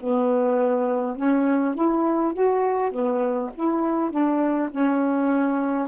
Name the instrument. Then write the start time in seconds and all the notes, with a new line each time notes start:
saxophone
0.00 B3
1.17 C#4
1.75 E4
2.34 F#4
2.92 B3
3.55 E4
4.11 D4
4.71 C#4